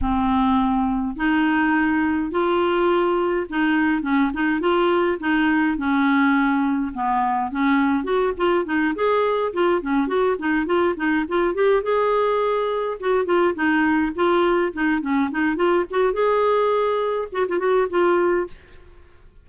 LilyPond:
\new Staff \with { instrumentName = "clarinet" } { \time 4/4 \tempo 4 = 104 c'2 dis'2 | f'2 dis'4 cis'8 dis'8 | f'4 dis'4 cis'2 | b4 cis'4 fis'8 f'8 dis'8 gis'8~ |
gis'8 f'8 cis'8 fis'8 dis'8 f'8 dis'8 f'8 | g'8 gis'2 fis'8 f'8 dis'8~ | dis'8 f'4 dis'8 cis'8 dis'8 f'8 fis'8 | gis'2 fis'16 f'16 fis'8 f'4 | }